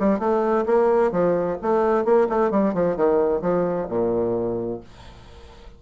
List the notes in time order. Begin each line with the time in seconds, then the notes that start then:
0.00 G3
0.20 A3
0.66 A#3
1.12 F3
1.62 A3
2.05 A#3
2.30 A3
2.51 G3
2.74 F3
2.97 D#3
3.42 F3
3.89 A#2